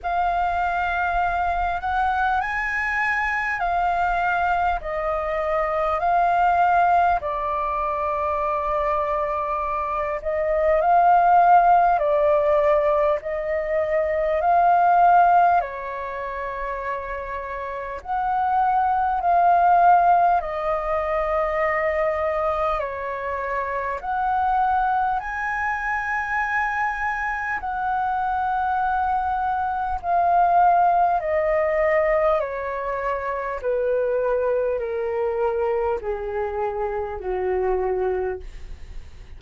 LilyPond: \new Staff \with { instrumentName = "flute" } { \time 4/4 \tempo 4 = 50 f''4. fis''8 gis''4 f''4 | dis''4 f''4 d''2~ | d''8 dis''8 f''4 d''4 dis''4 | f''4 cis''2 fis''4 |
f''4 dis''2 cis''4 | fis''4 gis''2 fis''4~ | fis''4 f''4 dis''4 cis''4 | b'4 ais'4 gis'4 fis'4 | }